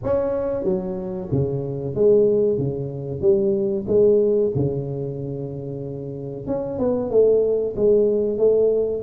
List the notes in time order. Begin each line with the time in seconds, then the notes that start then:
0.03 C#4
0.63 F#3
1.31 C#3
1.94 G#3
2.58 C#3
3.21 G3
3.87 G#3
4.55 C#3
6.46 C#4
6.78 B3
7.10 A3
7.76 G#3
8.38 A3